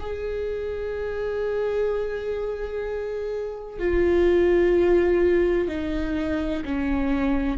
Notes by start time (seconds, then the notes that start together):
0.00 G#4
3.79 F4
5.69 D#4
6.65 C#4